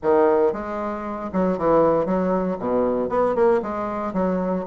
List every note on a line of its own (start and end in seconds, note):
0.02 0.53 D#3
0.53 1.30 G#3
1.33 1.58 F#3
1.58 2.05 E3
2.05 2.57 F#3
2.59 3.09 B2
3.09 3.35 B3
3.35 3.61 A#3
3.62 4.13 G#3
4.13 4.64 F#3